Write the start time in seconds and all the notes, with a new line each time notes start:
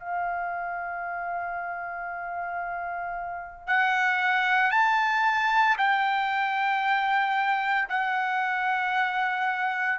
0.00 F5
3.67 F#5
4.71 A5
5.78 G5
7.89 F#5